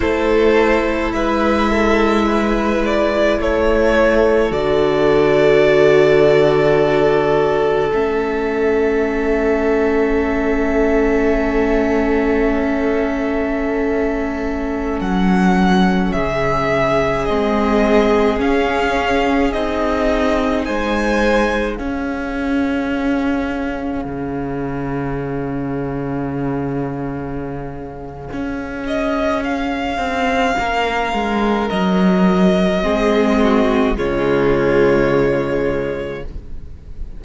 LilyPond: <<
  \new Staff \with { instrumentName = "violin" } { \time 4/4 \tempo 4 = 53 c''4 e''4. d''8 cis''4 | d''2. e''4~ | e''1~ | e''4~ e''16 fis''4 e''4 dis''8.~ |
dis''16 f''4 dis''4 gis''4 f''8.~ | f''1~ | f''4. dis''8 f''2 | dis''2 cis''2 | }
  \new Staff \with { instrumentName = "violin" } { \time 4/4 a'4 b'8 a'8 b'4 a'4~ | a'1~ | a'1~ | a'2~ a'16 gis'4.~ gis'16~ |
gis'2~ gis'16 c''4 gis'8.~ | gis'1~ | gis'2. ais'4~ | ais'4 gis'8 fis'8 f'2 | }
  \new Staff \with { instrumentName = "viola" } { \time 4/4 e'1 | fis'2. cis'4~ | cis'1~ | cis'2.~ cis'16 c'8.~ |
c'16 cis'4 dis'2 cis'8.~ | cis'1~ | cis'1~ | cis'4 c'4 gis2 | }
  \new Staff \with { instrumentName = "cello" } { \time 4/4 a4 gis2 a4 | d2. a4~ | a1~ | a4~ a16 fis4 cis4 gis8.~ |
gis16 cis'4 c'4 gis4 cis'8.~ | cis'4~ cis'16 cis2~ cis8.~ | cis4 cis'4. c'8 ais8 gis8 | fis4 gis4 cis2 | }
>>